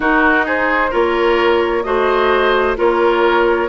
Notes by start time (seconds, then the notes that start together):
0.00 D#4 F#4 A#4
0.45 G#4 C5
0.90 A#3 F4 A#4 C#5
1.83 A3 F#4 C5 D#5
2.76 A#3 F4 A#4 C#5